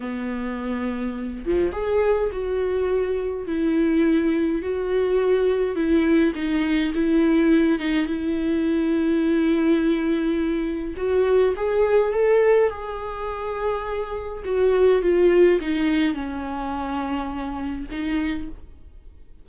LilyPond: \new Staff \with { instrumentName = "viola" } { \time 4/4 \tempo 4 = 104 b2~ b8 f8 gis'4 | fis'2 e'2 | fis'2 e'4 dis'4 | e'4. dis'8 e'2~ |
e'2. fis'4 | gis'4 a'4 gis'2~ | gis'4 fis'4 f'4 dis'4 | cis'2. dis'4 | }